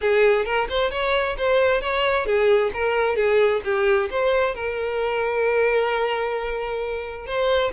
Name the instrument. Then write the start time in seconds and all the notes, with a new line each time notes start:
violin
0.01 G#4
0.45 A#4
0.69 C5
0.90 C#5
1.37 C5
1.81 C#5
2.25 G#4
2.73 A#4
3.15 G#4
3.64 G4
4.10 C5
4.54 A#4
7.26 C5